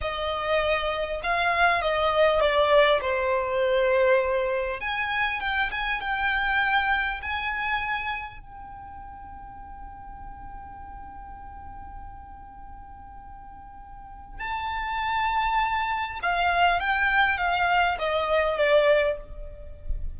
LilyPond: \new Staff \with { instrumentName = "violin" } { \time 4/4 \tempo 4 = 100 dis''2 f''4 dis''4 | d''4 c''2. | gis''4 g''8 gis''8 g''2 | gis''2 g''2~ |
g''1~ | g''1 | a''2. f''4 | g''4 f''4 dis''4 d''4 | }